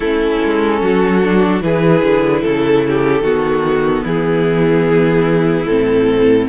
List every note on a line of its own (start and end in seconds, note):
0.00 0.36 A3
0.00 1.23 C#4
0.00 0.81 E4
0.00 1.62 A4
0.44 0.81 G#3
0.81 1.61 F#3
0.81 1.62 F#4
1.23 1.61 D4
1.61 2.02 E3
1.61 3.23 E4
1.61 2.42 G#4
1.61 2.44 B4
2.02 2.43 D3
2.42 3.21 C#3
2.42 2.82 A4
2.42 4.05 A4
2.88 3.23 G4
3.21 4.02 D#3
3.21 5.67 B3
3.21 4.04 F#4
4.04 5.66 E3
4.04 6.47 E4
4.04 5.66 G#4
5.66 6.47 A2
5.66 6.49 C4
5.66 6.47 A4